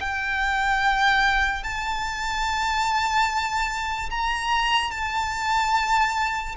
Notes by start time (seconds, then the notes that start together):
0.00 G5
1.63 A5
4.10 A#5
4.91 A5